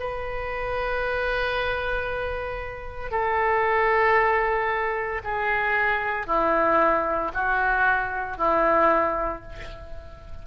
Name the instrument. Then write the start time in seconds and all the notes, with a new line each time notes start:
oboe
0.00 B4
3.11 A4
5.24 G#4
6.27 E4
7.34 F#4
8.38 E4